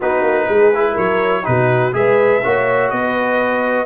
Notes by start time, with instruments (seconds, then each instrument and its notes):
0.00 tuba B3, trombone D#4, horn F#4, trumpet B4
0.22 tuba A#3
0.48 tuba G#3, horn G#4
0.73 trombone E4
0.92 tuba F#3, horn A#4, trumpet C#5
1.43 tuba B2, trombone D#4, horn F#4, trumpet B4
1.92 tuba G#3, trombone G#4, horn B4, trumpet E5
2.43 tuba A#3, trombone F#4, horn C#5
2.90 tuba B3, horn B4, trumpet D#5